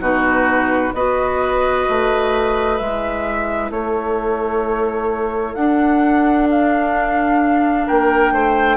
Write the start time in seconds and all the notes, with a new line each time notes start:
0.00 B2 D#4 F#4 B4
0.94 B3 F#4 B4 D#5
1.89 A3
2.78 G#3 E4 E5
3.70 A3 A4 C#5
5.55 D4 F#5
6.50 F5
7.87 A#3 A#4 G5
8.32 A3 C5